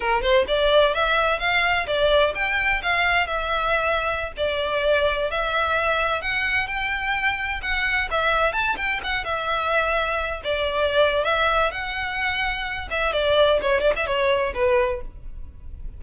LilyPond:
\new Staff \with { instrumentName = "violin" } { \time 4/4 \tempo 4 = 128 ais'8 c''8 d''4 e''4 f''4 | d''4 g''4 f''4 e''4~ | e''4~ e''16 d''2 e''8.~ | e''4~ e''16 fis''4 g''4.~ g''16~ |
g''16 fis''4 e''4 a''8 g''8 fis''8 e''16~ | e''2~ e''16 d''4.~ d''16 | e''4 fis''2~ fis''8 e''8 | d''4 cis''8 d''16 e''16 cis''4 b'4 | }